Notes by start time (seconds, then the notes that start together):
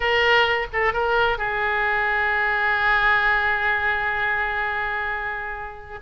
0.00 A#4
0.73 A4
0.93 A#4
1.37 G#4